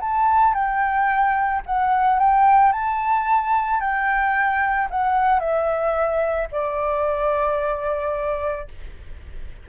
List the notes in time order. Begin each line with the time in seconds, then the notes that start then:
0.00 A5
0.54 G5
1.66 F#5
2.19 G5
2.72 A5
3.80 G5
4.90 F#5
5.40 E5
6.52 D5